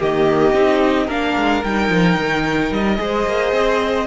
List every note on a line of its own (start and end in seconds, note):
0.00 0.54 D#3
0.00 0.54 A#3
0.00 1.07 G4
0.00 1.10 D#5
0.54 1.08 C4
0.54 1.08 D#4
1.07 1.35 A#3
1.07 1.63 D4
1.07 2.98 A#4
1.07 1.64 F5
1.36 1.64 G#3
1.64 1.89 G3
1.64 2.97 D#4
1.64 2.73 G5
1.89 2.16 F3
2.17 2.71 D#3
2.71 2.99 G3
2.71 4.07 D#5
2.97 3.26 G#3
2.97 4.06 G#4
2.97 4.07 C5
3.26 3.52 A#3
3.52 4.07 C4